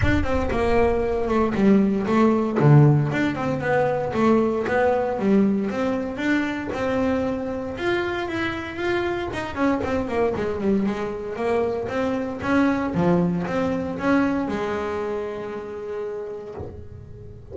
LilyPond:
\new Staff \with { instrumentName = "double bass" } { \time 4/4 \tempo 4 = 116 d'8 c'8 ais4. a8 g4 | a4 d4 d'8 c'8 b4 | a4 b4 g4 c'4 | d'4 c'2 f'4 |
e'4 f'4 dis'8 cis'8 c'8 ais8 | gis8 g8 gis4 ais4 c'4 | cis'4 f4 c'4 cis'4 | gis1 | }